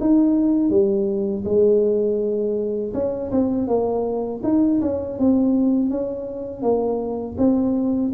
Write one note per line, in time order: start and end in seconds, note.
0.00 0.70 D#4
0.70 1.44 G3
1.44 2.93 G#3
2.94 3.31 C#4
3.31 3.67 C4
3.67 4.41 A#3
4.43 4.80 D#4
4.81 5.19 C#4
5.19 5.90 C4
5.90 6.62 C#4
6.62 7.36 A#3
7.38 8.12 C4